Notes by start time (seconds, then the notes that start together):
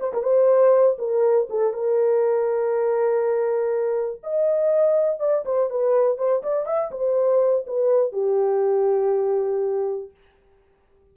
0.00 C5
0.13 A#4
0.23 C5
0.98 A#4
1.50 A4
1.73 A#4
4.23 D#5
5.20 D5
5.45 C5
5.70 B4
6.17 C5
6.43 D5
6.66 E5
6.91 C5
7.67 B4
8.13 G4